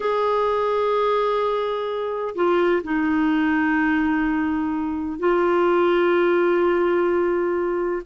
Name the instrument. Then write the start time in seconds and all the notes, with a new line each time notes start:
clarinet
0.00 G#4
2.35 F4
2.83 D#4
5.19 F4